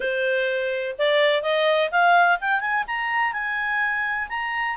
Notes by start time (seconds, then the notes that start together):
0.00 C5
0.98 D5
1.42 D#5
1.91 F5
2.40 G5
2.60 G#5
2.87 A#5
3.32 G#5
4.28 A#5